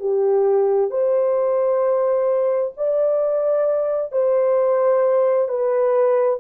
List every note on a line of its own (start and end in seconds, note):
0.00 0.90 G4
0.90 2.72 C5
2.77 4.12 D5
4.12 5.48 C5
5.48 6.39 B4